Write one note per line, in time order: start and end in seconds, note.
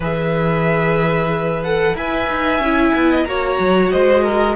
0.00 1.93 E3
0.00 1.64 G#4
0.00 1.96 B4
0.00 1.63 E5
1.63 1.96 A4
1.63 1.96 F#5
1.93 2.26 E4
1.93 2.61 B4
1.93 3.10 E5
1.93 3.24 G#5
2.28 2.59 D#4
2.59 2.92 C#4
2.59 3.28 E4
2.94 3.25 B3
3.10 3.26 D#5
3.24 3.58 A#3
3.24 4.55 F#4
3.24 3.92 C#5
3.24 3.89 A#5
3.59 3.91 F#3
3.90 4.55 G#3
3.90 4.23 C5
3.90 4.55 D#5
4.23 4.55 A#4